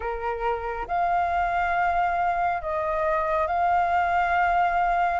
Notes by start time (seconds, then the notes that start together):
0.00 A#4
0.87 F5
2.61 D#5
3.47 F5